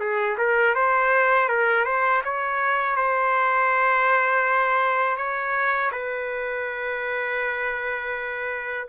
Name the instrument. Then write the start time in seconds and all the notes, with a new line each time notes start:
trumpet
0.00 G#4
0.38 A#4
0.75 C5
1.48 A#4
1.85 C5
2.24 C#5
2.96 C5
5.17 C#5
5.92 B4